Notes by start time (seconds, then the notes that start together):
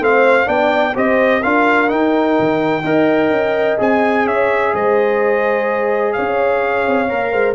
0.00 A3 C4 C5 F5
0.46 B3 D4 D5 G5
0.95 C4 G4 C5 D#5
1.41 D4 F4 A#4 F5
1.88 D#4 G5
2.40 D#3
2.84 D#4 A#4 D#5
3.31 C#4
3.78 C4 G#4 G#5
4.26 C#4 C#5 E5
4.74 G#3 C5 D#5
6.13 C#4 C#5 F5
6.88 C4
7.09 A#3 A#4
7.33 G#3 C5